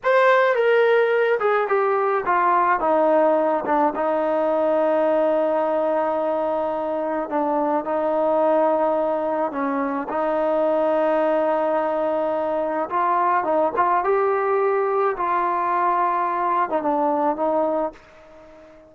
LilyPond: \new Staff \with { instrumentName = "trombone" } { \time 4/4 \tempo 4 = 107 c''4 ais'4. gis'8 g'4 | f'4 dis'4. d'8 dis'4~ | dis'1~ | dis'4 d'4 dis'2~ |
dis'4 cis'4 dis'2~ | dis'2. f'4 | dis'8 f'8 g'2 f'4~ | f'4.~ f'16 dis'16 d'4 dis'4 | }